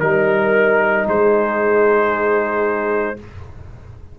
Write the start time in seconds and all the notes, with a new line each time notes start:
0.00 G3 D#4 A#4
1.06 G#3 G#4 C5